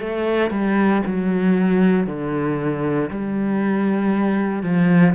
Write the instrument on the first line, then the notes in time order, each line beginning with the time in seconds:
cello
0.00 A3
0.51 G3
1.06 F#3
2.07 D3
3.11 G3
4.63 F3